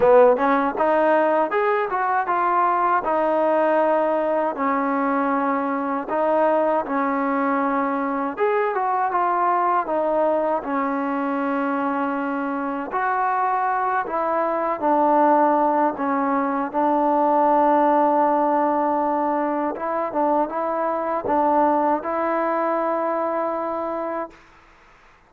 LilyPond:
\new Staff \with { instrumentName = "trombone" } { \time 4/4 \tempo 4 = 79 b8 cis'8 dis'4 gis'8 fis'8 f'4 | dis'2 cis'2 | dis'4 cis'2 gis'8 fis'8 | f'4 dis'4 cis'2~ |
cis'4 fis'4. e'4 d'8~ | d'4 cis'4 d'2~ | d'2 e'8 d'8 e'4 | d'4 e'2. | }